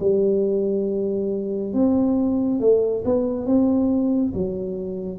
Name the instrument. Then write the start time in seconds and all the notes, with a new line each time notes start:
tuba
0.00 G3
1.73 C4
2.60 A3
3.05 B3
3.46 C4
4.34 F#3